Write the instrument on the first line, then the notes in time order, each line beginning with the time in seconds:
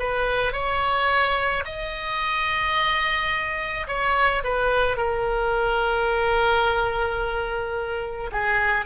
oboe
0.00 B4
0.53 C#5
1.65 D#5
3.88 C#5
4.44 B4
4.97 A#4
8.32 G#4